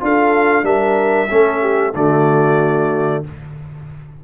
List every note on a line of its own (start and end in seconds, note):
0.00 0.63 D4
0.00 0.63 F4
0.00 0.65 A4
0.00 0.65 F5
0.63 1.28 G3
0.63 1.28 D4
0.63 1.30 A#4
0.63 1.94 E5
1.29 1.94 A3
1.29 1.93 C#4
1.29 1.61 A4
1.61 1.94 G4
1.94 3.23 D3
1.94 3.24 A3
1.94 3.24 F#4
1.94 3.24 D5